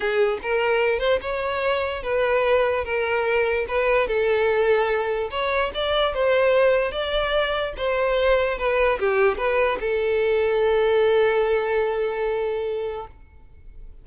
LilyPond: \new Staff \with { instrumentName = "violin" } { \time 4/4 \tempo 4 = 147 gis'4 ais'4. c''8 cis''4~ | cis''4 b'2 ais'4~ | ais'4 b'4 a'2~ | a'4 cis''4 d''4 c''4~ |
c''4 d''2 c''4~ | c''4 b'4 g'4 b'4 | a'1~ | a'1 | }